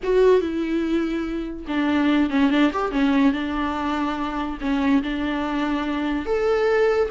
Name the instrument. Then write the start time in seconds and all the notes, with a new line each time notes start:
viola
0.03 F#4
0.40 E4
1.67 D4
2.30 C#4
2.50 D4
2.72 G4
2.91 C#4
3.33 D4
4.60 C#4
5.02 D4
6.25 A4